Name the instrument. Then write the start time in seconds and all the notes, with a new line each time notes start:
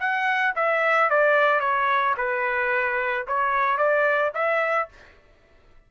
trumpet
0.00 F#5
0.56 E5
1.10 D5
1.60 C#5
2.17 B4
3.28 C#5
3.78 D5
4.35 E5